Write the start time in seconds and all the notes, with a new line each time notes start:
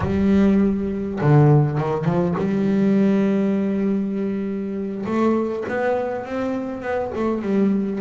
0.00 G3
1.20 D3
1.77 D#3
2.05 F3
2.38 G3
5.05 A3
5.68 B3
6.25 C4
6.82 B3
7.15 A3
7.41 G3